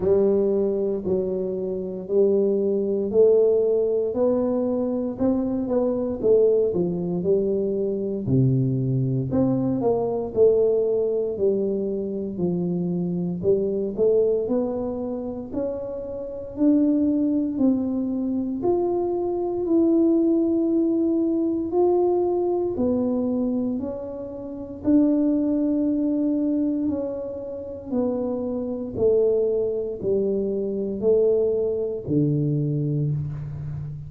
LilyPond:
\new Staff \with { instrumentName = "tuba" } { \time 4/4 \tempo 4 = 58 g4 fis4 g4 a4 | b4 c'8 b8 a8 f8 g4 | c4 c'8 ais8 a4 g4 | f4 g8 a8 b4 cis'4 |
d'4 c'4 f'4 e'4~ | e'4 f'4 b4 cis'4 | d'2 cis'4 b4 | a4 g4 a4 d4 | }